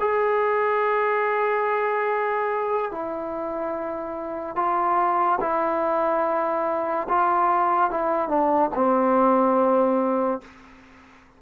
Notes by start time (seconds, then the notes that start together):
0.00 G#4
2.91 E4
4.56 F4
5.41 E4
7.09 F4
7.91 E4
8.29 D4
8.75 C4